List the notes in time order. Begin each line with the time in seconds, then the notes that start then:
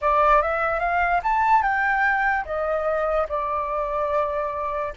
0.01 D5
0.41 E5
0.79 F5
1.23 A5
1.62 G5
2.45 D#5
3.29 D5